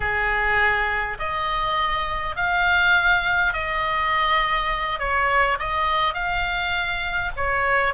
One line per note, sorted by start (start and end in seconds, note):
0.00 1.18 G#4
1.18 2.36 D#5
2.36 3.53 F5
3.53 4.99 D#5
4.99 5.57 C#5
5.59 6.13 D#5
6.13 7.31 F5
7.36 7.94 C#5